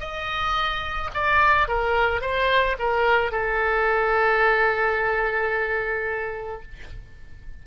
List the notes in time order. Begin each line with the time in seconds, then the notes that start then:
0.00 D#5
1.14 D5
1.68 A#4
2.21 C5
2.79 A#4
3.32 A4